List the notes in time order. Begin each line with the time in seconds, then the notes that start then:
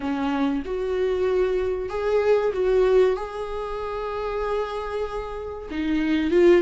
0.00 C#4
0.65 F#4
1.89 G#4
2.53 F#4
3.16 G#4
5.70 D#4
6.30 F4